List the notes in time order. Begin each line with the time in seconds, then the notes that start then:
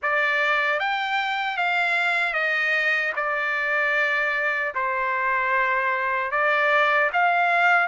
0.02 D5
0.79 G5
1.57 F5
2.33 D#5
3.15 D5
4.74 C5
6.31 D5
7.13 F5